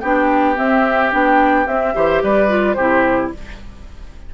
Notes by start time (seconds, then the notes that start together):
0.00 B3 D4 G4 G5
0.55 C4 E5
1.11 B3 D4 G5
1.67 C4 E5
1.95 E3 G4 C5
2.23 G3 B4 D5
2.48 F4
2.73 C3 E4 G4 C5